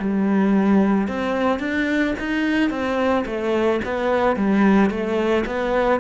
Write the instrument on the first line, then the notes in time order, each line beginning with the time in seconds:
cello
0.00 G3
1.09 C4
1.60 D4
2.19 D#4
2.70 C4
3.26 A3
3.85 B3
4.37 G3
4.90 A3
5.47 B3